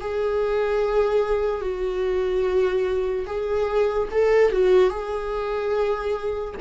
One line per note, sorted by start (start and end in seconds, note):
0.00 1.61 G#4
1.61 3.25 F#4
3.26 4.08 G#4
4.11 4.52 A4
4.52 4.90 F#4
4.90 6.54 G#4